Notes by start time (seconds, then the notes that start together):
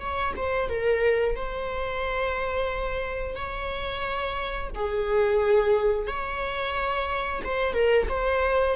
0.00 C#5
0.36 C5
0.69 A#4
1.36 C5
3.35 C#5
4.75 G#4
6.07 C#5
7.44 C5
7.73 A#4
8.09 C5